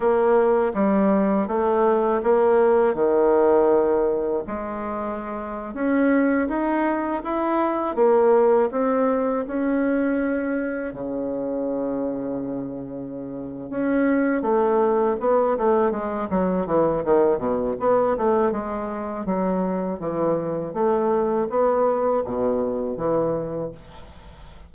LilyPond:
\new Staff \with { instrumentName = "bassoon" } { \time 4/4 \tempo 4 = 81 ais4 g4 a4 ais4 | dis2 gis4.~ gis16 cis'16~ | cis'8. dis'4 e'4 ais4 c'16~ | c'8. cis'2 cis4~ cis16~ |
cis2~ cis8 cis'4 a8~ | a8 b8 a8 gis8 fis8 e8 dis8 b,8 | b8 a8 gis4 fis4 e4 | a4 b4 b,4 e4 | }